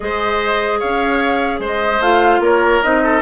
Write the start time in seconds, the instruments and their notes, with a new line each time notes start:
0.00 bassoon G#3, clarinet G#4, oboe C5, flute D#5
0.79 bassoon C#4, oboe C#5, flute F5
1.59 bassoon G#3, oboe C5
1.65 flute D#5
1.99 bassoon A3, clarinet F4, flute F5
2.39 bassoon A#3, oboe A#4, flute C#5
2.82 bassoon C4, clarinet D#4, flute D#5
3.03 oboe A4